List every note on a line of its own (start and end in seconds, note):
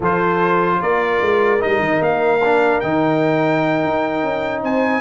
0.00 0.80 F3
0.00 1.59 F4
0.00 0.80 A4
0.00 0.82 C5
0.80 1.21 A#3
0.80 4.63 A#4
0.80 1.62 D5
1.21 1.61 G#3
1.59 2.39 D#4
1.59 2.02 D#5
1.65 1.79 G3
1.79 1.99 D#3
2.01 2.81 A#3
2.01 2.80 F5
2.44 2.82 D4
2.80 3.83 D#3
2.80 5.01 D#4
2.80 4.61 G5
3.84 4.23 D#4
4.23 4.62 C#4
4.62 5.01 C4
4.62 5.01 C5
4.62 5.01 G#5